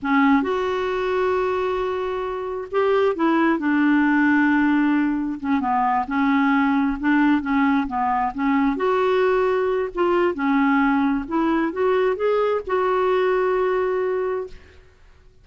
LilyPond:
\new Staff \with { instrumentName = "clarinet" } { \time 4/4 \tempo 4 = 133 cis'4 fis'2.~ | fis'2 g'4 e'4 | d'1 | cis'8 b4 cis'2 d'8~ |
d'8 cis'4 b4 cis'4 fis'8~ | fis'2 f'4 cis'4~ | cis'4 e'4 fis'4 gis'4 | fis'1 | }